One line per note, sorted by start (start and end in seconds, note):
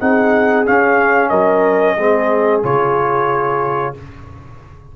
0.00 0.67 C4
0.00 0.66 D#4
0.00 1.30 G#4
0.00 0.66 F#5
0.66 1.98 C#4
0.66 1.31 C#4
0.66 1.30 F5
1.30 1.97 F#3
1.30 1.96 A#4
1.30 2.62 D#5
1.97 2.64 G#3
1.97 2.63 C4
1.97 3.95 G#4
2.63 3.96 C#3
2.63 3.95 F4
2.63 3.96 C#5